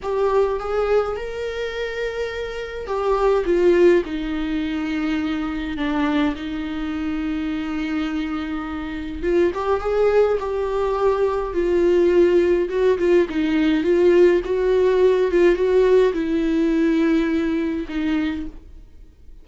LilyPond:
\new Staff \with { instrumentName = "viola" } { \time 4/4 \tempo 4 = 104 g'4 gis'4 ais'2~ | ais'4 g'4 f'4 dis'4~ | dis'2 d'4 dis'4~ | dis'1 |
f'8 g'8 gis'4 g'2 | f'2 fis'8 f'8 dis'4 | f'4 fis'4. f'8 fis'4 | e'2. dis'4 | }